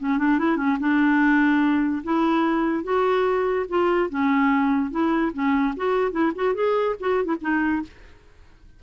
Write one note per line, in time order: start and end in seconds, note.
0.00 0.18 C#4
0.18 0.39 D4
0.39 0.57 E4
0.57 0.78 C#4
0.80 2.03 D4
2.04 2.84 E4
2.84 3.66 F#4
3.69 4.10 F4
4.10 4.91 C#4
4.91 5.32 E4
5.33 5.75 C#4
5.77 6.12 F#4
6.12 6.33 E4
6.35 6.55 F#4
6.55 6.96 G#4
7.00 7.25 F#4
7.25 7.36 E4
7.42 7.83 D#4